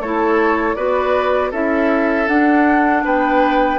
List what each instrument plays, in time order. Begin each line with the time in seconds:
0.00 bassoon A3, clarinet E4, oboe A4, flute C#5
0.75 bassoon B3, clarinet F#4, oboe B4, flute D5
1.51 bassoon C#4, clarinet E4, oboe A4, flute E5
2.28 clarinet D4, bassoon D4, flute F#5
3.04 bassoon B3, oboe B4, flute G5